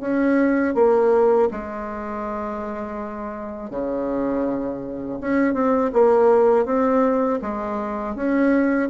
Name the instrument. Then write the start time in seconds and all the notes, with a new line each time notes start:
bassoon
0.00 C#4
0.74 A#3
1.51 G#3
3.70 C#3
5.20 C#4
5.53 C4
5.93 A#3
6.65 C4
7.41 G#3
8.15 C#4